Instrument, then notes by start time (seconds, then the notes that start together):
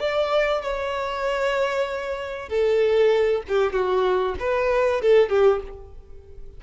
violin
0.00 D5
0.62 C#5
2.49 A4
3.48 G4
3.73 F#4
4.40 B4
5.02 A4
5.30 G4